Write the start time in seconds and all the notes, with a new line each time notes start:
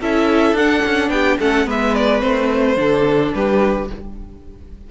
0.00 C#4 E4 A4 E5
0.52 D4 F#5
0.86 C#4
1.09 B3 G4 G5
1.39 A3 C#4 A4 F#5
1.65 G#3 B3 B4 E5
1.95 D5
2.20 A3 C4 C5
2.76 D3 D4 A4
3.33 G3 G4 B4